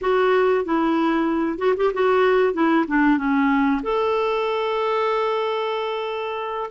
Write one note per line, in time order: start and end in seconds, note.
0.01 0.64 F#4
0.64 1.58 E4
1.58 1.74 F#4
1.76 1.92 G4
1.93 2.53 F#4
2.53 2.85 E4
2.87 3.17 D4
3.17 3.81 C#4
3.83 6.70 A4